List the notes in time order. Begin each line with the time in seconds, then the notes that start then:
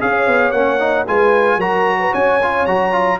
0.00 C#4 G#4 C#5 F5
0.27 B3
0.51 A#3 C#4 F#5
0.79 D#4
1.07 G#3 F4 B4 G#5
1.57 F#3 F#4 A#4 A#5
1.99 B4
2.12 C#4 C#5 G#5
2.43 F4
2.66 F#3 F#4 A#5
2.92 F4